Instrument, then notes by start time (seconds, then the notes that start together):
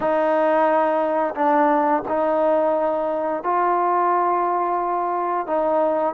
trombone
0.00 D#4
1.34 D4
2.08 D#4
3.43 F4
5.46 D#4